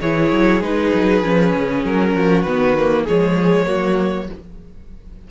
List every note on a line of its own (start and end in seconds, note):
0.00 0.31 E3
0.00 0.62 E4
0.00 2.13 G#4
0.00 0.62 C#5
0.31 0.61 F#3
0.61 0.91 G#3
0.61 1.23 D#4
0.61 1.84 B4
0.93 1.23 F#3
1.23 1.53 F3
1.23 2.46 C#4
1.54 1.84 C#3
1.84 2.14 F#3
1.84 2.42 A#4
2.13 2.44 F3
2.13 3.04 F#4
2.42 3.05 D#3
2.42 2.78 B3
2.42 3.03 B4
2.78 3.07 A#3
3.04 3.68 F3
3.04 3.66 G#3
3.04 3.65 G#4
3.04 4.30 C#5
3.66 4.29 F#3
3.66 4.27 A#3
3.66 4.28 F#4